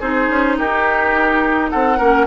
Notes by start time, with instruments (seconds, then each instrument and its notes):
0.00 bassoon C4, clarinet D#4, oboe G#4, flute C5
0.29 bassoon C#4
0.59 bassoon D#4, oboe G4, flute A#4
1.70 bassoon C4, oboe A4, flute F#5
1.98 bassoon A#3, clarinet C#4, oboe A#4